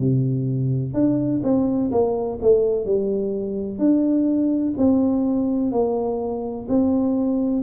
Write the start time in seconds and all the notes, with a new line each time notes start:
0.00 C3
0.94 D4
1.44 C4
1.92 A#3
2.42 A3
2.86 G3
3.79 D4
4.78 C4
5.72 A#3
6.69 C4